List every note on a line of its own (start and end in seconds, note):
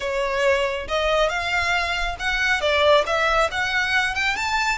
0.00 0.87 C#5
0.88 1.29 D#5
1.29 2.16 F5
2.19 2.60 F#5
2.60 3.04 D5
3.06 3.50 E5
3.51 4.14 F#5
4.14 4.36 G5
4.36 4.78 A5